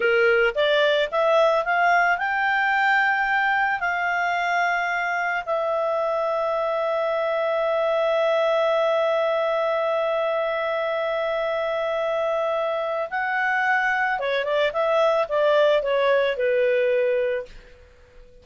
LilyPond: \new Staff \with { instrumentName = "clarinet" } { \time 4/4 \tempo 4 = 110 ais'4 d''4 e''4 f''4 | g''2. f''4~ | f''2 e''2~ | e''1~ |
e''1~ | e''1 | fis''2 cis''8 d''8 e''4 | d''4 cis''4 b'2 | }